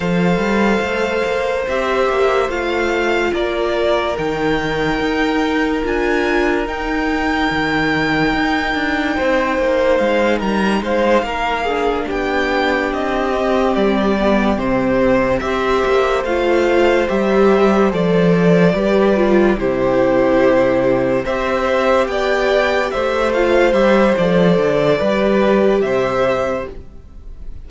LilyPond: <<
  \new Staff \with { instrumentName = "violin" } { \time 4/4 \tempo 4 = 72 f''2 e''4 f''4 | d''4 g''2 gis''4 | g''1 | f''8 ais''8 f''4. g''4 dis''8~ |
dis''8 d''4 c''4 e''4 f''8~ | f''8 e''4 d''2 c''8~ | c''4. e''4 g''4 e''8 | f''8 e''8 d''2 e''4 | }
  \new Staff \with { instrumentName = "violin" } { \time 4/4 c''1 | ais'1~ | ais'2. c''4~ | c''8 ais'8 c''8 ais'8 gis'8 g'4.~ |
g'2~ g'8 c''4.~ | c''2~ c''8 b'4 g'8~ | g'4. c''4 d''4 c''8~ | c''2 b'4 c''4 | }
  \new Staff \with { instrumentName = "viola" } { \time 4/4 a'2 g'4 f'4~ | f'4 dis'2 f'4 | dis'1~ | dis'2 d'2 |
c'4 b8 c'4 g'4 f'8~ | f'8 g'4 a'4 g'8 f'8 e'8~ | e'4. g'2~ g'8 | f'8 g'8 a'4 g'2 | }
  \new Staff \with { instrumentName = "cello" } { \time 4/4 f8 g8 a8 ais8 c'8 ais8 a4 | ais4 dis4 dis'4 d'4 | dis'4 dis4 dis'8 d'8 c'8 ais8 | gis8 g8 gis8 ais4 b4 c'8~ |
c'8 g4 c4 c'8 ais8 a8~ | a8 g4 f4 g4 c8~ | c4. c'4 b4 a8~ | a8 g8 f8 d8 g4 c4 | }
>>